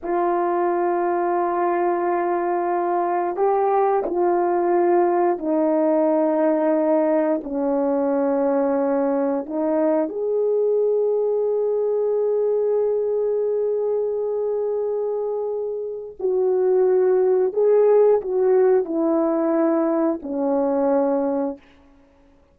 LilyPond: \new Staff \with { instrumentName = "horn" } { \time 4/4 \tempo 4 = 89 f'1~ | f'4 g'4 f'2 | dis'2. cis'4~ | cis'2 dis'4 gis'4~ |
gis'1~ | gis'1 | fis'2 gis'4 fis'4 | e'2 cis'2 | }